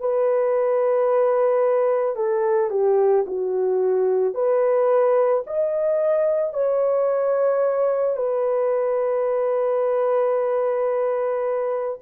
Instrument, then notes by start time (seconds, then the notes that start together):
horn
0.00 B4
2.16 A4
2.70 G4
3.27 F#4
4.34 B4
5.46 D#5
6.54 C#5
8.17 B4